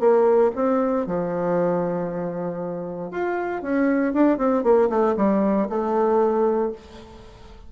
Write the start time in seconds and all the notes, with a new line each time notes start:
0.00 A#3
0.55 C4
1.07 F3
3.11 F4
3.62 C#4
4.14 D4
4.38 C4
4.64 A#3
4.90 A3
5.17 G3
5.70 A3